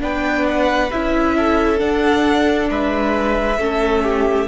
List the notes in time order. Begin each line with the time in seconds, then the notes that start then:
0.00 B3 D4 B4 G5
0.47 F#5
0.91 C#4 E4 E5
1.37 A4
1.79 D4 F#5
2.69 G#3 B4 E5
3.58 A3 C#4 A4
4.03 G4